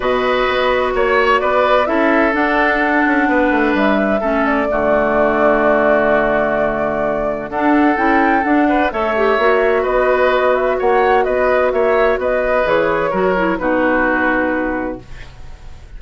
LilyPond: <<
  \new Staff \with { instrumentName = "flute" } { \time 4/4 \tempo 4 = 128 dis''2 cis''4 d''4 | e''4 fis''2. | e''4. d''2~ d''8~ | d''1 |
fis''4 g''4 fis''4 e''4~ | e''4 dis''4. e''8 fis''4 | dis''4 e''4 dis''4 cis''4~ | cis''4 b'2. | }
  \new Staff \with { instrumentName = "oboe" } { \time 4/4 b'2 cis''4 b'4 | a'2. b'4~ | b'4 a'4 fis'2~ | fis'1 |
a'2~ a'8 b'8 cis''4~ | cis''4 b'2 cis''4 | b'4 cis''4 b'2 | ais'4 fis'2. | }
  \new Staff \with { instrumentName = "clarinet" } { \time 4/4 fis'1 | e'4 d'2.~ | d'4 cis'4 a2~ | a1 |
d'4 e'4 d'4 a'8 g'8 | fis'1~ | fis'2. gis'4 | fis'8 e'8 dis'2. | }
  \new Staff \with { instrumentName = "bassoon" } { \time 4/4 b,4 b4 ais4 b4 | cis'4 d'4. cis'8 b8 a8 | g4 a4 d2~ | d1 |
d'4 cis'4 d'4 a4 | ais4 b2 ais4 | b4 ais4 b4 e4 | fis4 b,2. | }
>>